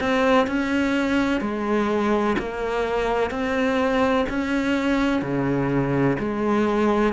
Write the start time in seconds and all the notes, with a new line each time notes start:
0.00 C4
0.47 C#4
1.41 G#3
2.38 A#3
3.30 C4
4.29 C#4
5.22 C#3
6.19 G#3